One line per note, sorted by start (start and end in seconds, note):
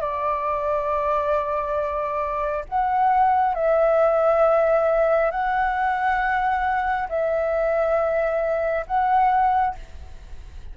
0.00 2.65 D5
2.68 3.54 F#5
3.54 5.31 E5
5.31 7.07 F#5
7.09 8.85 E5
8.86 9.75 F#5